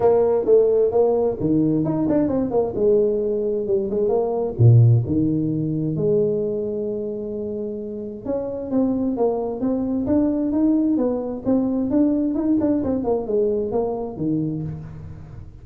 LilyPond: \new Staff \with { instrumentName = "tuba" } { \time 4/4 \tempo 4 = 131 ais4 a4 ais4 dis4 | dis'8 d'8 c'8 ais8 gis2 | g8 gis8 ais4 ais,4 dis4~ | dis4 gis2.~ |
gis2 cis'4 c'4 | ais4 c'4 d'4 dis'4 | b4 c'4 d'4 dis'8 d'8 | c'8 ais8 gis4 ais4 dis4 | }